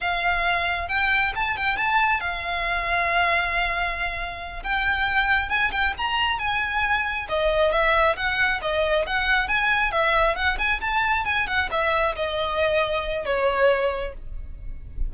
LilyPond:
\new Staff \with { instrumentName = "violin" } { \time 4/4 \tempo 4 = 136 f''2 g''4 a''8 g''8 | a''4 f''2.~ | f''2~ f''8 g''4.~ | g''8 gis''8 g''8 ais''4 gis''4.~ |
gis''8 dis''4 e''4 fis''4 dis''8~ | dis''8 fis''4 gis''4 e''4 fis''8 | gis''8 a''4 gis''8 fis''8 e''4 dis''8~ | dis''2 cis''2 | }